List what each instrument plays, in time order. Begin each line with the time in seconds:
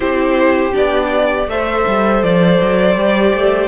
0.00 cello C4, viola E4, violin G4 C5
0.72 cello B3, viola D4, violin D5
1.47 cello A3, viola A4, violin C5 E5
1.87 cello G3
2.23 cello F3, violin D5
2.60 cello F#3
2.95 cello G3, viola G4
3.33 cello A3